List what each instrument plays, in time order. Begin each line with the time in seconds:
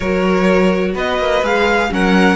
0.00 cello F#3, viola F#4, violin A#4 C#5
0.94 cello B3, violin B4 D#5
1.18 cello A#3
1.42 cello G#3, viola G#4, violin F5
1.90 cello F#3, viola C#4, violin A#4 F#5